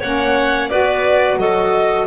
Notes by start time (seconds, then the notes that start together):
0.00 A#3 C#4 C#5 F#5
0.70 B3 F#4 B4 D5
1.37 F#3 A4 D#5